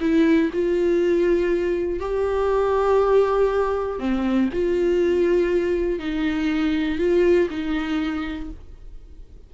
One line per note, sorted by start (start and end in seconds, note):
0.00 0.50 E4
0.53 1.99 F4
1.99 3.99 G4
3.99 4.49 C4
4.52 5.99 F4
5.99 6.98 D#4
6.98 7.48 F4
7.50 8.50 D#4